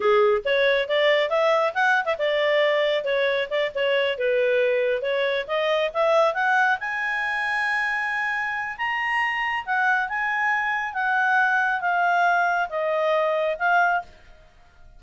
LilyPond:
\new Staff \with { instrumentName = "clarinet" } { \time 4/4 \tempo 4 = 137 gis'4 cis''4 d''4 e''4 | fis''8. e''16 d''2 cis''4 | d''8 cis''4 b'2 cis''8~ | cis''8 dis''4 e''4 fis''4 gis''8~ |
gis''1 | ais''2 fis''4 gis''4~ | gis''4 fis''2 f''4~ | f''4 dis''2 f''4 | }